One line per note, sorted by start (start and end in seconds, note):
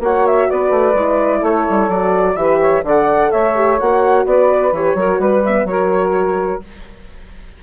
0.00 0.47 A#3
0.00 0.96 F#4
0.00 0.49 C#5
0.00 0.27 F#5
0.27 0.50 E5
0.49 0.71 B3
0.49 1.39 B4
0.49 1.44 D5
0.71 0.94 A3
0.94 1.42 G#3
0.94 1.90 E4
1.39 1.66 A3
1.39 2.34 A4
1.39 1.90 C#5
1.69 1.89 G3
1.89 2.36 F#3
1.89 2.37 F#4
1.89 2.36 D5
2.36 2.83 E3
2.36 2.84 G4
2.36 2.60 B4
2.36 2.83 E5
2.60 2.84 C#5
2.83 3.31 D3
2.83 3.55 A4
2.83 3.31 D5
2.83 3.31 F#5
3.31 3.81 A3
3.31 4.25 C#5
3.31 3.79 E5
3.55 3.79 G4
3.80 4.25 A#3
3.80 4.74 F#4
3.80 4.27 F#5
4.25 4.72 B3
4.25 4.97 B4
4.25 4.74 D5
4.72 4.95 E3
4.72 4.97 G4
4.72 5.20 C#5
4.95 5.18 F#3
4.95 5.44 F#4
4.95 5.20 A#4
5.19 5.65 G3
5.19 5.44 B4
5.19 5.67 B4
5.45 5.69 B3
5.45 5.68 E5
5.65 6.59 F#3
5.65 6.63 F#4
5.65 6.63 A#4
5.65 6.62 C#5